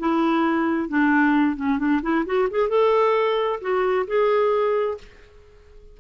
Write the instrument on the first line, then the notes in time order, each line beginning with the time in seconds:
clarinet
0.00 E4
0.89 D4
1.57 C#4
1.79 D4
2.03 E4
2.26 F#4
2.51 G#4
2.69 A4
3.61 F#4
4.07 G#4